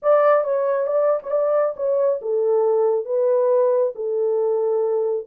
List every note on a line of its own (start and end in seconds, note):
0.02 0.44 D5
0.44 0.86 C#5
0.86 1.19 D5
1.22 1.31 C#5
1.31 1.74 D5
1.76 2.20 C#5
2.21 3.05 A4
3.05 3.92 B4
3.95 5.26 A4